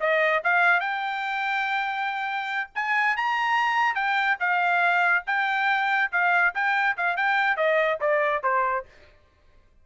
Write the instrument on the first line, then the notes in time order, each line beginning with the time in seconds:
trumpet
0.00 D#5
0.43 F5
0.80 G5
2.75 G#5
3.16 A#5
3.94 G5
4.39 F5
5.26 G5
6.12 F5
6.54 G5
6.97 F5
7.16 G5
7.56 D#5
8.01 D5
8.43 C5